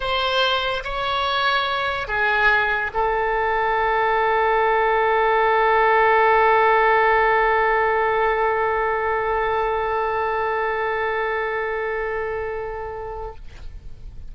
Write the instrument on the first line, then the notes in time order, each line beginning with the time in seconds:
oboe
0.00 C5
0.83 C#5
2.07 G#4
2.93 A4